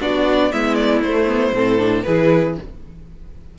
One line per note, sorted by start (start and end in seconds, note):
0.00 0.52 B3
0.00 0.51 D4
0.00 0.51 F#4
0.00 0.52 D5
0.51 1.01 G#3
0.51 1.03 B3
0.51 1.54 E4
0.51 0.74 E5
0.74 1.00 D5
1.01 1.52 A3
1.01 1.27 A3
1.01 2.03 C5
1.27 1.52 B3
1.52 2.03 A2
1.52 1.79 C4
1.52 2.06 A4
1.79 2.04 D4
2.03 2.58 E3
2.03 2.58 E4
2.03 2.57 G#4
2.03 2.54 B4